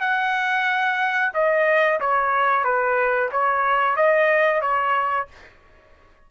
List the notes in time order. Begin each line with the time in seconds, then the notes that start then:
0.00 F#5
1.34 D#5
2.00 C#5
2.64 B4
3.32 C#5
3.96 D#5
4.62 C#5